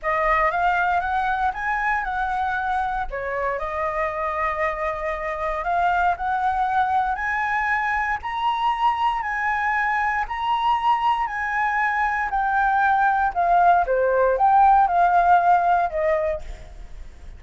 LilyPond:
\new Staff \with { instrumentName = "flute" } { \time 4/4 \tempo 4 = 117 dis''4 f''4 fis''4 gis''4 | fis''2 cis''4 dis''4~ | dis''2. f''4 | fis''2 gis''2 |
ais''2 gis''2 | ais''2 gis''2 | g''2 f''4 c''4 | g''4 f''2 dis''4 | }